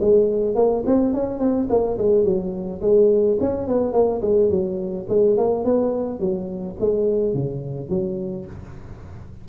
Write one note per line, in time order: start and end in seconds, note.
0.00 0.55 G#3
0.55 0.84 A#3
0.86 1.14 C4
1.14 1.39 C#4
1.39 1.67 C4
1.70 1.98 A#3
1.98 2.24 G#3
2.24 2.81 F#3
2.81 3.38 G#3
3.41 3.68 C#4
3.68 3.93 B3
3.93 4.21 A#3
4.22 4.50 G#3
4.50 5.07 F#3
5.09 5.37 G#3
5.37 5.64 A#3
5.64 6.20 B3
6.20 6.76 F#3
6.80 7.34 G#3
7.34 7.89 C#3
7.89 8.46 F#3